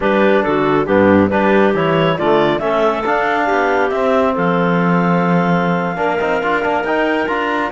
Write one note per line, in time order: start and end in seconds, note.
0.00 0.44 G3
0.00 0.85 D4
0.00 0.44 G4
0.00 0.43 B4
0.43 0.88 D3
0.43 0.86 F#4
0.43 0.86 A4
0.86 1.30 G2
0.86 1.30 B3
0.86 1.29 D4
0.86 1.29 G4
1.29 1.74 G3
1.29 1.74 D4
1.29 2.16 G4
1.29 1.73 B4
1.74 2.17 E3
1.74 2.18 E4
1.74 2.18 C#5
2.16 2.60 D3
2.16 2.60 A3
2.16 2.59 F4
2.16 2.59 D5
2.59 3.03 A3
2.59 3.03 C#4
2.59 3.45 A4
2.59 3.02 E5
3.05 3.92 D4
3.05 3.49 D4
3.05 3.89 F5
3.45 3.91 B3
3.45 4.32 G4
3.89 4.34 C4
3.89 5.95 C4
3.89 4.33 E5
4.33 5.97 F3
4.33 5.96 A4
4.33 6.84 F5
5.95 6.19 A#3
5.95 6.17 D4
5.95 7.70 A#4
6.20 6.42 C4
6.20 6.42 D#4
6.42 6.64 D4
6.42 6.62 F4
6.62 6.83 A#3
6.62 6.83 D4
6.83 7.27 D#4
6.83 7.28 D#4
6.83 7.26 G5
7.26 7.71 D4
7.26 7.71 F4
7.26 7.70 A#5